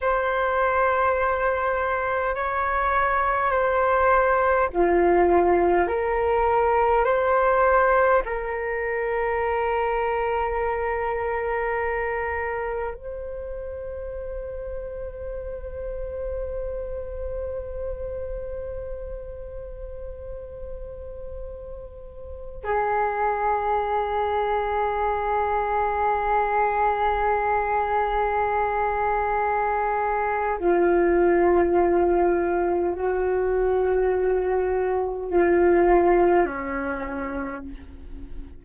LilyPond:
\new Staff \with { instrumentName = "flute" } { \time 4/4 \tempo 4 = 51 c''2 cis''4 c''4 | f'4 ais'4 c''4 ais'4~ | ais'2. c''4~ | c''1~ |
c''2.~ c''16 gis'8.~ | gis'1~ | gis'2 f'2 | fis'2 f'4 cis'4 | }